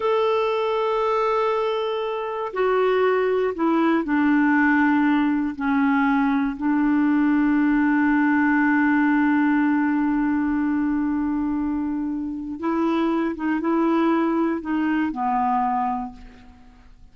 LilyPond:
\new Staff \with { instrumentName = "clarinet" } { \time 4/4 \tempo 4 = 119 a'1~ | a'4 fis'2 e'4 | d'2. cis'4~ | cis'4 d'2.~ |
d'1~ | d'1~ | d'4 e'4. dis'8 e'4~ | e'4 dis'4 b2 | }